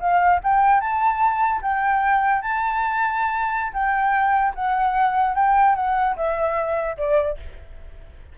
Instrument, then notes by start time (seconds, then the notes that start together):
flute
0.00 F5
0.43 G5
0.80 A5
1.62 G5
2.42 A5
3.73 G5
4.55 F#5
5.35 G5
5.75 F#5
6.16 E5
6.97 D5